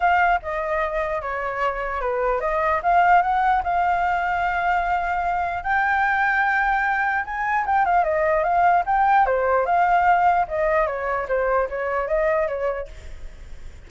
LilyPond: \new Staff \with { instrumentName = "flute" } { \time 4/4 \tempo 4 = 149 f''4 dis''2 cis''4~ | cis''4 b'4 dis''4 f''4 | fis''4 f''2.~ | f''2 g''2~ |
g''2 gis''4 g''8 f''8 | dis''4 f''4 g''4 c''4 | f''2 dis''4 cis''4 | c''4 cis''4 dis''4 cis''4 | }